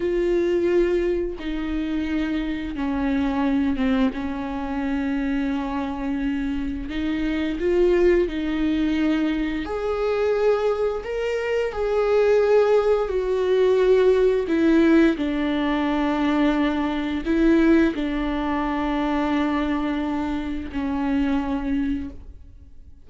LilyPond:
\new Staff \with { instrumentName = "viola" } { \time 4/4 \tempo 4 = 87 f'2 dis'2 | cis'4. c'8 cis'2~ | cis'2 dis'4 f'4 | dis'2 gis'2 |
ais'4 gis'2 fis'4~ | fis'4 e'4 d'2~ | d'4 e'4 d'2~ | d'2 cis'2 | }